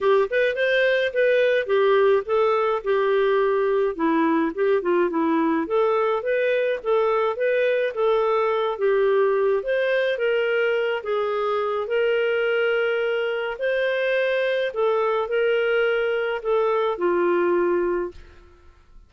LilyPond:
\new Staff \with { instrumentName = "clarinet" } { \time 4/4 \tempo 4 = 106 g'8 b'8 c''4 b'4 g'4 | a'4 g'2 e'4 | g'8 f'8 e'4 a'4 b'4 | a'4 b'4 a'4. g'8~ |
g'4 c''4 ais'4. gis'8~ | gis'4 ais'2. | c''2 a'4 ais'4~ | ais'4 a'4 f'2 | }